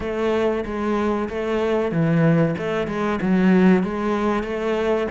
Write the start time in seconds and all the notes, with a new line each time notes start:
0.00 A3
0.65 G#3
1.29 A3
1.91 E3
2.58 A3
2.87 G#3
3.21 F#3
3.83 G#3
4.43 A3